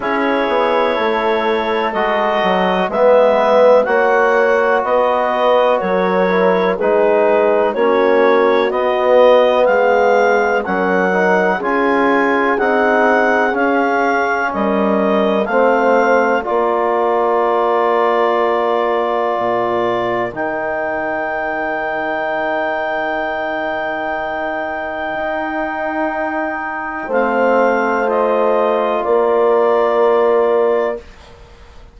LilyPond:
<<
  \new Staff \with { instrumentName = "clarinet" } { \time 4/4 \tempo 4 = 62 cis''2 dis''4 e''4 | fis''4 dis''4 cis''4 b'4 | cis''4 dis''4 f''4 fis''4 | gis''4 fis''4 f''4 dis''4 |
f''4 d''2.~ | d''4 g''2.~ | g''1 | f''4 dis''4 d''2 | }
  \new Staff \with { instrumentName = "horn" } { \time 4/4 gis'4 a'2 b'4 | cis''4 b'4 ais'4 gis'4 | fis'2 gis'4 ais'4 | gis'2. ais'4 |
c''4 ais'2.~ | ais'1~ | ais'1 | c''2 ais'2 | }
  \new Staff \with { instrumentName = "trombone" } { \time 4/4 e'2 fis'4 b4 | fis'2~ fis'8 e'8 dis'4 | cis'4 b2 cis'8 dis'8 | f'4 dis'4 cis'2 |
c'4 f'2.~ | f'4 dis'2.~ | dis'1 | c'4 f'2. | }
  \new Staff \with { instrumentName = "bassoon" } { \time 4/4 cis'8 b8 a4 gis8 fis8 gis4 | ais4 b4 fis4 gis4 | ais4 b4 gis4 fis4 | cis'4 c'4 cis'4 g4 |
a4 ais2. | ais,4 dis2.~ | dis2 dis'2 | a2 ais2 | }
>>